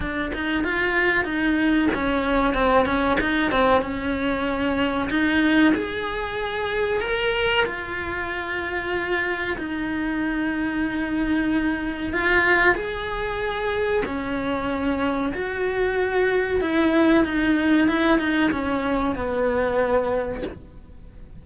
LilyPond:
\new Staff \with { instrumentName = "cello" } { \time 4/4 \tempo 4 = 94 d'8 dis'8 f'4 dis'4 cis'4 | c'8 cis'8 dis'8 c'8 cis'2 | dis'4 gis'2 ais'4 | f'2. dis'4~ |
dis'2. f'4 | gis'2 cis'2 | fis'2 e'4 dis'4 | e'8 dis'8 cis'4 b2 | }